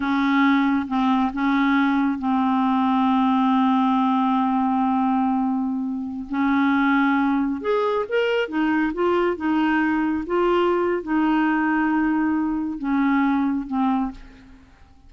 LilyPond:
\new Staff \with { instrumentName = "clarinet" } { \time 4/4 \tempo 4 = 136 cis'2 c'4 cis'4~ | cis'4 c'2.~ | c'1~ | c'2~ c'16 cis'4.~ cis'16~ |
cis'4~ cis'16 gis'4 ais'4 dis'8.~ | dis'16 f'4 dis'2 f'8.~ | f'4 dis'2.~ | dis'4 cis'2 c'4 | }